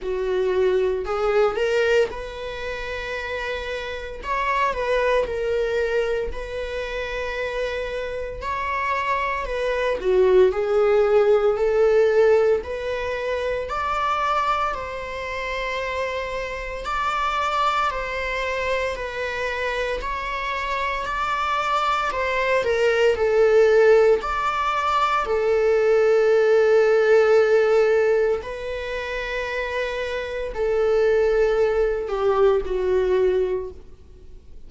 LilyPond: \new Staff \with { instrumentName = "viola" } { \time 4/4 \tempo 4 = 57 fis'4 gis'8 ais'8 b'2 | cis''8 b'8 ais'4 b'2 | cis''4 b'8 fis'8 gis'4 a'4 | b'4 d''4 c''2 |
d''4 c''4 b'4 cis''4 | d''4 c''8 ais'8 a'4 d''4 | a'2. b'4~ | b'4 a'4. g'8 fis'4 | }